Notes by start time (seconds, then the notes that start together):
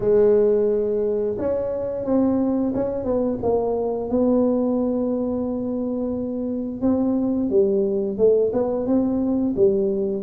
0.00 G#3
1.38 C#4
2.05 C4
2.75 C#4
3.04 B3
3.42 A#3
4.09 B3
6.81 C4
7.49 G3
8.17 A3
8.52 B3
8.86 C4
9.55 G3